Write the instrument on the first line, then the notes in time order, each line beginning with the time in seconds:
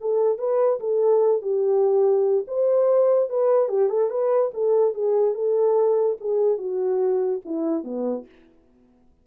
horn
0.00 A4
0.38 B4
0.79 A4
1.41 G4
2.47 C5
3.29 B4
3.68 G4
3.89 A4
4.10 B4
4.53 A4
4.94 G#4
5.34 A4
6.20 G#4
6.57 F#4
7.45 E4
7.84 B3